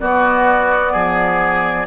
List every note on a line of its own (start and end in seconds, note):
0.00 0.94 B3
0.00 1.88 B3
0.00 0.93 F#4
0.00 1.88 D5
0.93 1.88 F3
0.93 1.87 G#4